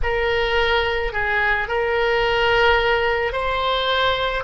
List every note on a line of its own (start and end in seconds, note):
0.03 1.12 A#4
1.12 1.68 G#4
1.68 3.32 A#4
3.32 4.43 C5